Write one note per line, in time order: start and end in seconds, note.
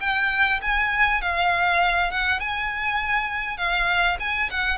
0.00 0.60 G5
0.62 1.21 G#5
1.21 2.11 F5
2.11 2.40 F#5
2.40 3.57 G#5
3.57 4.17 F5
4.20 4.50 G#5
4.51 4.78 F#5